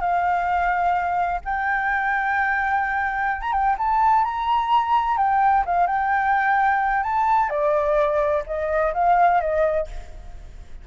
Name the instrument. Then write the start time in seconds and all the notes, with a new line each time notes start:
flute
0.00 F5
1.44 G5
3.41 A#5
3.52 G5
3.78 A5
4.24 A#5
5.17 G5
5.65 F5
5.87 G5
7.03 A5
7.49 D5
8.46 D#5
8.93 F5
9.40 D#5